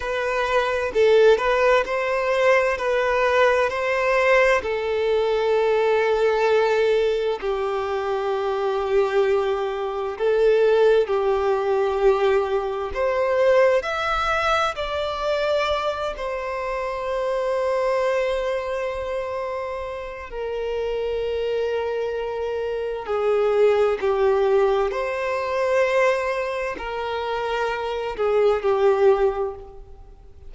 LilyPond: \new Staff \with { instrumentName = "violin" } { \time 4/4 \tempo 4 = 65 b'4 a'8 b'8 c''4 b'4 | c''4 a'2. | g'2. a'4 | g'2 c''4 e''4 |
d''4. c''2~ c''8~ | c''2 ais'2~ | ais'4 gis'4 g'4 c''4~ | c''4 ais'4. gis'8 g'4 | }